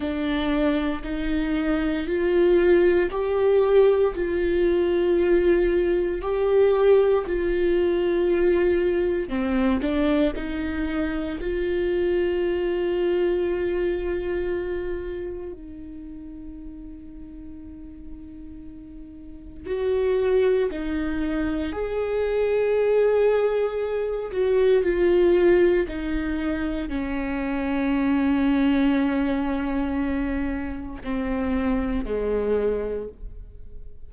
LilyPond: \new Staff \with { instrumentName = "viola" } { \time 4/4 \tempo 4 = 58 d'4 dis'4 f'4 g'4 | f'2 g'4 f'4~ | f'4 c'8 d'8 dis'4 f'4~ | f'2. dis'4~ |
dis'2. fis'4 | dis'4 gis'2~ gis'8 fis'8 | f'4 dis'4 cis'2~ | cis'2 c'4 gis4 | }